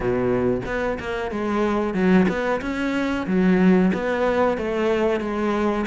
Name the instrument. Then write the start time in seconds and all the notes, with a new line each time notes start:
cello
0.00 B2
0.65 B3
0.99 A#3
1.31 G#3
1.94 F#3
2.28 B3
2.61 C#4
3.26 F#3
3.93 B3
4.57 A3
5.20 G#3